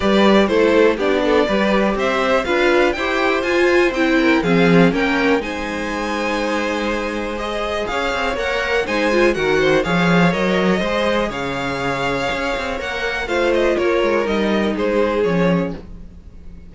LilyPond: <<
  \new Staff \with { instrumentName = "violin" } { \time 4/4 \tempo 4 = 122 d''4 c''4 d''2 | e''4 f''4 g''4 gis''4 | g''4 f''4 g''4 gis''4~ | gis''2. dis''4 |
f''4 fis''4 gis''4 fis''4 | f''4 dis''2 f''4~ | f''2 fis''4 f''8 dis''8 | cis''4 dis''4 c''4 cis''4 | }
  \new Staff \with { instrumentName = "violin" } { \time 4/4 b'4 a'4 g'8 a'8 b'4 | c''4 b'4 c''2~ | c''8 ais'8 gis'4 ais'4 c''4~ | c''1 |
cis''2 c''4 ais'8 c''8 | cis''2 c''4 cis''4~ | cis''2. c''4 | ais'2 gis'2 | }
  \new Staff \with { instrumentName = "viola" } { \time 4/4 g'4 e'4 d'4 g'4~ | g'4 f'4 g'4 f'4 | e'4 c'4 cis'4 dis'4~ | dis'2. gis'4~ |
gis'4 ais'4 dis'8 f'8 fis'4 | gis'4 ais'4 gis'2~ | gis'2 ais'4 f'4~ | f'4 dis'2 cis'4 | }
  \new Staff \with { instrumentName = "cello" } { \time 4/4 g4 a4 b4 g4 | c'4 d'4 e'4 f'4 | c'4 f4 ais4 gis4~ | gis1 |
cis'8 c'8 ais4 gis4 dis4 | f4 fis4 gis4 cis4~ | cis4 cis'8 c'8 ais4 a4 | ais8 gis8 g4 gis4 f4 | }
>>